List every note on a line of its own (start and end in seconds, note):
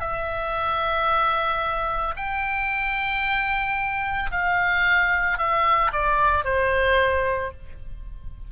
0.00 2.14 E5
2.17 4.31 G5
4.31 5.38 F5
5.38 5.91 E5
5.93 6.44 D5
6.44 7.51 C5